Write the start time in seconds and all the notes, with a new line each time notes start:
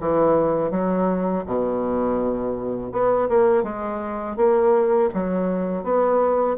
0.00 E3
0.71 F#3
1.46 B2
2.92 B3
3.29 A#3
3.64 G#3
4.36 A#3
5.14 F#3
5.84 B3